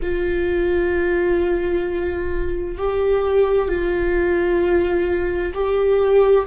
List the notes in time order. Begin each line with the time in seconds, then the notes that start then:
0.02 F4
2.78 G4
3.68 F4
5.53 G4